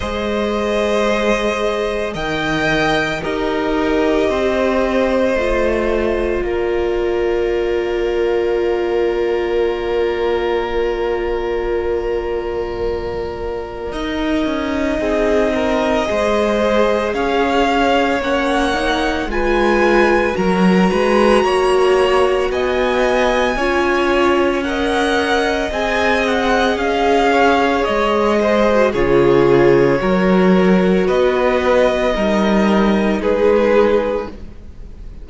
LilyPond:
<<
  \new Staff \with { instrumentName = "violin" } { \time 4/4 \tempo 4 = 56 dis''2 g''4 dis''4~ | dis''2 d''2~ | d''1~ | d''4 dis''2. |
f''4 fis''4 gis''4 ais''4~ | ais''4 gis''2 fis''4 | gis''8 fis''8 f''4 dis''4 cis''4~ | cis''4 dis''2 b'4 | }
  \new Staff \with { instrumentName = "violin" } { \time 4/4 c''2 dis''4 ais'4 | c''2 ais'2~ | ais'1~ | ais'2 gis'8 ais'8 c''4 |
cis''2 b'4 ais'8 b'8 | cis''4 dis''4 cis''4 dis''4~ | dis''4. cis''4 c''8 gis'4 | ais'4 b'4 ais'4 gis'4 | }
  \new Staff \with { instrumentName = "viola" } { \time 4/4 gis'2 ais'4 g'4~ | g'4 f'2.~ | f'1~ | f'4 dis'2 gis'4~ |
gis'4 cis'8 dis'8 f'4 fis'4~ | fis'2 f'4 ais'4 | gis'2~ gis'8. fis'16 f'4 | fis'2 dis'2 | }
  \new Staff \with { instrumentName = "cello" } { \time 4/4 gis2 dis4 dis'4 | c'4 a4 ais2~ | ais1~ | ais4 dis'8 cis'8 c'4 gis4 |
cis'4 ais4 gis4 fis8 gis8 | ais4 b4 cis'2 | c'4 cis'4 gis4 cis4 | fis4 b4 g4 gis4 | }
>>